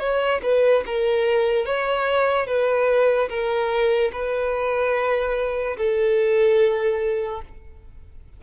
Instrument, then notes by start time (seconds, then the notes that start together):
violin
0.00 C#5
0.43 B4
0.86 A#4
1.66 C#5
2.47 B4
3.30 A#4
4.12 B4
5.78 A4